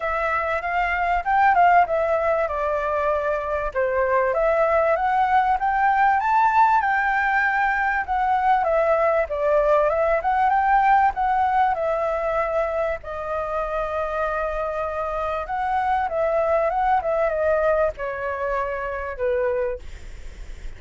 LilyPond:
\new Staff \with { instrumentName = "flute" } { \time 4/4 \tempo 4 = 97 e''4 f''4 g''8 f''8 e''4 | d''2 c''4 e''4 | fis''4 g''4 a''4 g''4~ | g''4 fis''4 e''4 d''4 |
e''8 fis''8 g''4 fis''4 e''4~ | e''4 dis''2.~ | dis''4 fis''4 e''4 fis''8 e''8 | dis''4 cis''2 b'4 | }